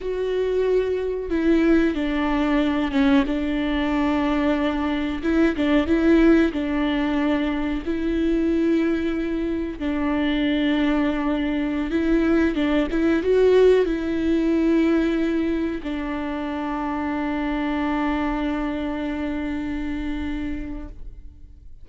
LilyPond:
\new Staff \with { instrumentName = "viola" } { \time 4/4 \tempo 4 = 92 fis'2 e'4 d'4~ | d'8 cis'8 d'2. | e'8 d'8 e'4 d'2 | e'2. d'4~ |
d'2~ d'16 e'4 d'8 e'16~ | e'16 fis'4 e'2~ e'8.~ | e'16 d'2.~ d'8.~ | d'1 | }